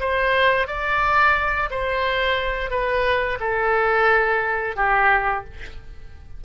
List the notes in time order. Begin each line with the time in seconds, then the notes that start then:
0.00 C5
0.67 D5
1.70 C5
2.70 B4
3.40 A4
4.76 G4